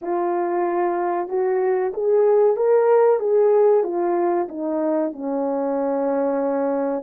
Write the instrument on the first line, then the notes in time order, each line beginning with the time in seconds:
horn
0.01 F4
1.28 F#4
1.93 G#4
2.56 A#4
3.19 G#4
3.83 F4
4.48 D#4
5.12 C#4